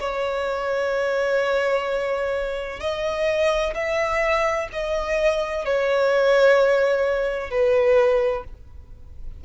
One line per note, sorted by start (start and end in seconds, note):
0.00 2.80 C#5
2.80 3.74 D#5
3.75 4.68 E5
4.73 5.65 D#5
5.65 7.50 C#5
7.50 8.44 B4